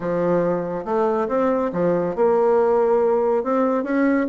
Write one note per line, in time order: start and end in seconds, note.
0.00 0.84 F3
0.84 1.27 A3
1.28 1.71 C4
1.72 2.15 F3
2.15 3.43 A#3
3.43 3.83 C4
3.83 4.26 C#4